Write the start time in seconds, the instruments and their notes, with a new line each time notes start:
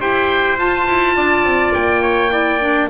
0.00 double bass E4, clarinet G4, trumpet C5, oboe G5
0.57 clarinet F4, double bass F4, oboe A5
0.87 double bass E4
1.16 double bass D4, trumpet D5
1.43 double bass C4
1.73 double bass A#3, oboe G5
2.02 trumpet C#5
2.30 clarinet E4, trumpet D5
2.60 clarinet D4